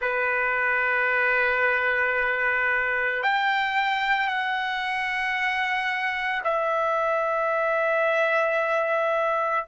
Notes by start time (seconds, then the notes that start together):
0.01 B4
3.22 G5
4.27 F#5
6.43 E5